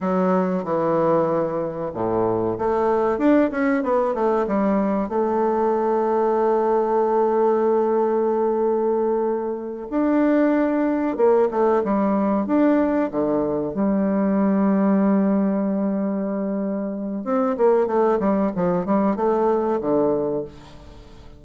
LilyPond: \new Staff \with { instrumentName = "bassoon" } { \time 4/4 \tempo 4 = 94 fis4 e2 a,4 | a4 d'8 cis'8 b8 a8 g4 | a1~ | a2.~ a8 d'8~ |
d'4. ais8 a8 g4 d'8~ | d'8 d4 g2~ g8~ | g2. c'8 ais8 | a8 g8 f8 g8 a4 d4 | }